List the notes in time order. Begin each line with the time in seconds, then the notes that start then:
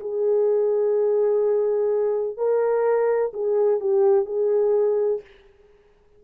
0.00 G#4
2.37 A#4
3.33 G#4
3.80 G4
4.26 G#4